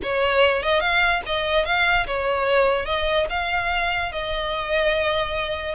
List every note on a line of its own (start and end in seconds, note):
0.02 0.62 C#5
0.62 0.80 D#5
0.80 1.21 F5
1.26 1.65 D#5
1.65 2.06 F5
2.07 2.85 C#5
2.85 3.26 D#5
3.29 4.12 F5
4.12 5.75 D#5